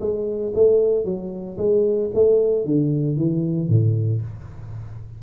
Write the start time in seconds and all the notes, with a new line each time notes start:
0.00 G#3
0.54 A3
1.04 F#3
1.57 G#3
2.14 A3
2.65 D3
3.17 E3
3.68 A2